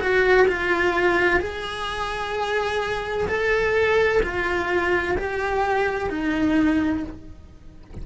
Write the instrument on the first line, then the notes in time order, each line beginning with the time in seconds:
cello
0.00 F#4
0.48 F4
1.40 G#4
3.28 A4
4.22 F4
5.17 G4
6.09 D#4